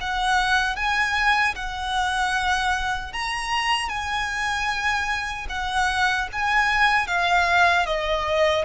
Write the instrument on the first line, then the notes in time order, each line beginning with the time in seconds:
violin
0.00 F#5
0.76 G#5
1.55 F#5
3.13 A#5
3.89 G#5
5.49 F#5
6.32 G#5
7.07 F5
7.86 D#5